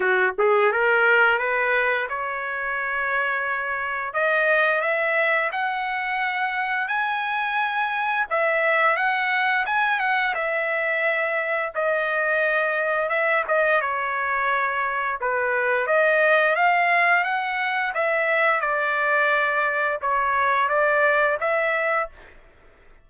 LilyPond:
\new Staff \with { instrumentName = "trumpet" } { \time 4/4 \tempo 4 = 87 fis'8 gis'8 ais'4 b'4 cis''4~ | cis''2 dis''4 e''4 | fis''2 gis''2 | e''4 fis''4 gis''8 fis''8 e''4~ |
e''4 dis''2 e''8 dis''8 | cis''2 b'4 dis''4 | f''4 fis''4 e''4 d''4~ | d''4 cis''4 d''4 e''4 | }